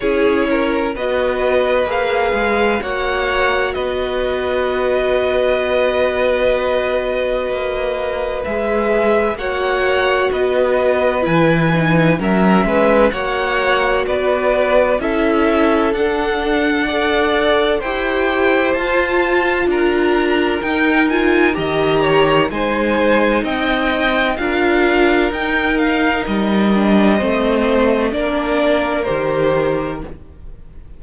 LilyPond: <<
  \new Staff \with { instrumentName = "violin" } { \time 4/4 \tempo 4 = 64 cis''4 dis''4 f''4 fis''4 | dis''1~ | dis''4 e''4 fis''4 dis''4 | gis''4 e''4 fis''4 d''4 |
e''4 fis''2 g''4 | a''4 ais''4 g''8 gis''8 ais''4 | gis''4 g''4 f''4 g''8 f''8 | dis''2 d''4 c''4 | }
  \new Staff \with { instrumentName = "violin" } { \time 4/4 gis'8 ais'8 b'2 cis''4 | b'1~ | b'2 cis''4 b'4~ | b'4 ais'8 b'8 cis''4 b'4 |
a'2 d''4 c''4~ | c''4 ais'2 dis''8 cis''8 | c''4 dis''4 ais'2~ | ais'4 c''4 ais'2 | }
  \new Staff \with { instrumentName = "viola" } { \time 4/4 e'4 fis'4 gis'4 fis'4~ | fis'1~ | fis'4 gis'4 fis'2 | e'8 dis'8 cis'4 fis'2 |
e'4 d'4 a'4 g'4 | f'2 dis'8 f'8 g'4 | dis'2 f'4 dis'4~ | dis'8 d'8 c'4 d'4 g'4 | }
  \new Staff \with { instrumentName = "cello" } { \time 4/4 cis'4 b4 ais8 gis8 ais4 | b1 | ais4 gis4 ais4 b4 | e4 fis8 gis8 ais4 b4 |
cis'4 d'2 e'4 | f'4 d'4 dis'4 dis4 | gis4 c'4 d'4 dis'4 | g4 a4 ais4 dis4 | }
>>